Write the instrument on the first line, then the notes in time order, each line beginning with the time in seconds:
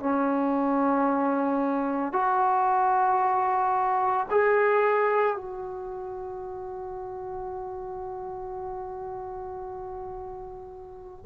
trombone
0.00 C#4
2.13 F#4
4.31 G#4
5.36 F#4